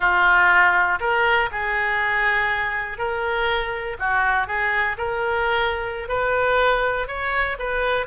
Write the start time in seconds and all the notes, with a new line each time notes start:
0.00 F4
1.00 A#4
1.51 G#4
2.98 A#4
3.99 F#4
4.47 G#4
4.97 A#4
6.08 B4
7.07 C#5
7.59 B4